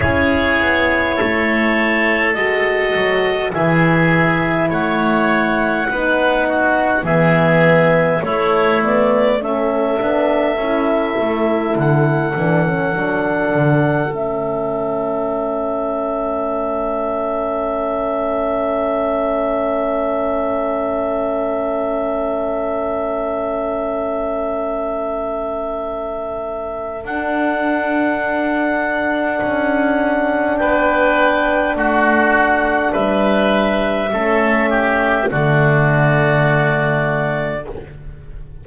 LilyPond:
<<
  \new Staff \with { instrumentName = "clarinet" } { \time 4/4 \tempo 4 = 51 cis''2 dis''4 e''4 | fis''2 e''4 cis''8 d''8 | e''2 fis''2 | e''1~ |
e''1~ | e''2. fis''4~ | fis''2 g''4 fis''4 | e''2 d''2 | }
  \new Staff \with { instrumentName = "oboe" } { \time 4/4 gis'4 a'2 gis'4 | cis''4 b'8 fis'8 gis'4 e'4 | a'1~ | a'1~ |
a'1~ | a'1~ | a'2 b'4 fis'4 | b'4 a'8 g'8 fis'2 | }
  \new Staff \with { instrumentName = "horn" } { \time 4/4 e'2 fis'4 e'4~ | e'4 dis'4 b4 a8 b8 | cis'8 d'8 e'4. d'16 cis'16 d'4 | cis'1~ |
cis'1~ | cis'2. d'4~ | d'1~ | d'4 cis'4 a2 | }
  \new Staff \with { instrumentName = "double bass" } { \time 4/4 cis'8 b8 a4 gis8 fis8 e4 | a4 b4 e4 a4~ | a8 b8 cis'8 a8 d8 e8 fis8 d8 | a1~ |
a1~ | a2. d'4~ | d'4 cis'4 b4 a4 | g4 a4 d2 | }
>>